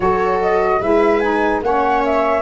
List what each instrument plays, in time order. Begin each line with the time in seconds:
0.00 tuba F#3, saxophone F#4, viola A4, flute C#5
0.41 flute D#5
0.80 tuba G#3, saxophone E4, viola B4, flute E5
1.19 saxophone D#4, flute G#5
1.61 tuba A#3, saxophone C#4, viola C#5, flute F#5
2.04 flute E5